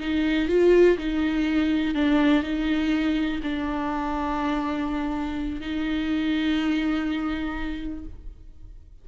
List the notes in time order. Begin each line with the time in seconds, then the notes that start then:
0.00 D#4
0.49 F4
0.98 D#4
1.95 D4
2.43 D#4
3.43 D4
5.61 D#4